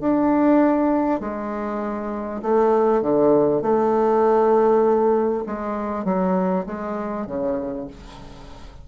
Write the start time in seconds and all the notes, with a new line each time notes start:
0.00 D4
1.20 G#3
2.42 A3
3.02 D3
3.62 A3
5.46 G#3
6.04 F#3
6.66 G#3
7.26 C#3